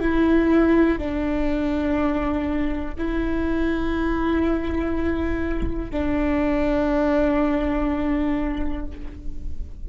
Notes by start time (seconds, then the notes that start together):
0.00 E4
0.98 D4
2.98 E4
5.91 D4